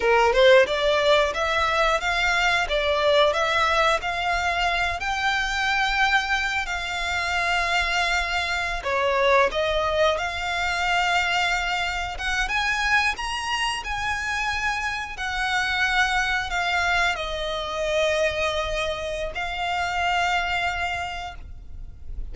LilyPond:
\new Staff \with { instrumentName = "violin" } { \time 4/4 \tempo 4 = 90 ais'8 c''8 d''4 e''4 f''4 | d''4 e''4 f''4. g''8~ | g''2 f''2~ | f''4~ f''16 cis''4 dis''4 f''8.~ |
f''2~ f''16 fis''8 gis''4 ais''16~ | ais''8. gis''2 fis''4~ fis''16~ | fis''8. f''4 dis''2~ dis''16~ | dis''4 f''2. | }